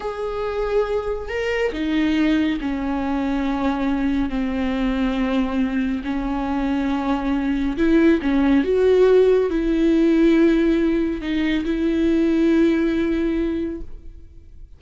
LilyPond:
\new Staff \with { instrumentName = "viola" } { \time 4/4 \tempo 4 = 139 gis'2. ais'4 | dis'2 cis'2~ | cis'2 c'2~ | c'2 cis'2~ |
cis'2 e'4 cis'4 | fis'2 e'2~ | e'2 dis'4 e'4~ | e'1 | }